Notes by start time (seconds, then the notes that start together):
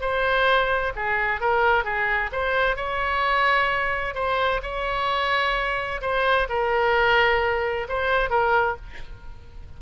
0.00 C5
0.95 G#4
1.40 A#4
1.84 G#4
2.32 C5
2.76 C#5
4.14 C5
4.62 C#5
6.01 C5
6.48 A#4
7.88 C5
8.30 A#4